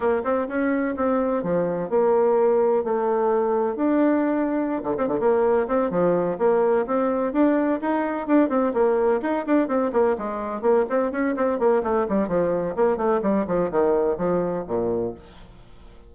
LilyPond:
\new Staff \with { instrumentName = "bassoon" } { \time 4/4 \tempo 4 = 127 ais8 c'8 cis'4 c'4 f4 | ais2 a2 | d'2~ d'16 d16 c'16 d16 ais4 | c'8 f4 ais4 c'4 d'8~ |
d'8 dis'4 d'8 c'8 ais4 dis'8 | d'8 c'8 ais8 gis4 ais8 c'8 cis'8 | c'8 ais8 a8 g8 f4 ais8 a8 | g8 f8 dis4 f4 ais,4 | }